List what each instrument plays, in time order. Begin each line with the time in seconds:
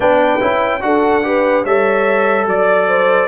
0.00 tuba B3, trombone D4, horn B4, trumpet G5
0.41 tuba C#4, trombone E4
0.80 tuba D4, trombone F#4, horn A4, trumpet F#5
1.23 trombone G4, horn B4
1.63 tuba G3, trombone A4, horn C#5, trumpet E5
2.45 tuba F#3, horn D5, trumpet D5
2.88 horn C5